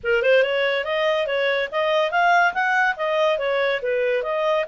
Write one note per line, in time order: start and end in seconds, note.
0.03 0.22 A#4
0.22 0.42 C5
0.42 0.84 C#5
0.84 1.26 D#5
1.26 1.69 C#5
1.71 2.11 D#5
2.11 2.53 F5
2.53 2.95 F#5
2.96 3.38 D#5
3.38 3.80 C#5
3.82 4.22 B4
4.22 4.65 D#5